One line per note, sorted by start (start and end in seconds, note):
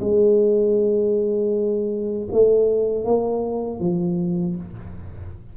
0.00 2.28 G#3
2.32 3.04 A3
3.04 3.80 A#3
3.80 4.56 F3